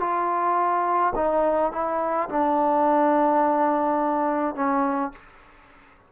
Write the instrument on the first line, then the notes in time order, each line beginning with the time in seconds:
trombone
0.00 F4
1.15 D#4
1.72 E4
2.29 D4
4.55 C#4